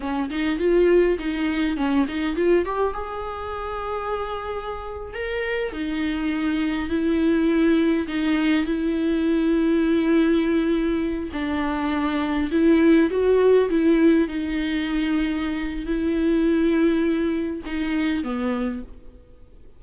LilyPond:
\new Staff \with { instrumentName = "viola" } { \time 4/4 \tempo 4 = 102 cis'8 dis'8 f'4 dis'4 cis'8 dis'8 | f'8 g'8 gis'2.~ | gis'8. ais'4 dis'2 e'16~ | e'4.~ e'16 dis'4 e'4~ e'16~ |
e'2.~ e'16 d'8.~ | d'4~ d'16 e'4 fis'4 e'8.~ | e'16 dis'2~ dis'8. e'4~ | e'2 dis'4 b4 | }